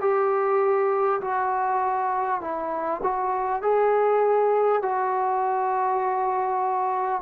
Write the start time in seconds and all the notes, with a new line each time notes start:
0.00 G4
1.21 F#4
2.41 E4
3.03 F#4
3.62 G#4
4.82 F#4